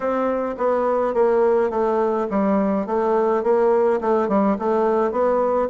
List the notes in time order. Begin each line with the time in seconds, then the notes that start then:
0.00 C4
0.57 B3
1.14 A#3
1.70 A3
2.30 G3
2.86 A3
3.43 A#3
4.01 A3
4.28 G3
4.58 A3
5.11 B3